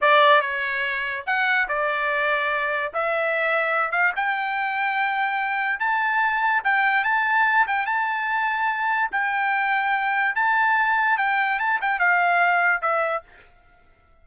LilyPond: \new Staff \with { instrumentName = "trumpet" } { \time 4/4 \tempo 4 = 145 d''4 cis''2 fis''4 | d''2. e''4~ | e''4. f''8 g''2~ | g''2 a''2 |
g''4 a''4. g''8 a''4~ | a''2 g''2~ | g''4 a''2 g''4 | a''8 g''8 f''2 e''4 | }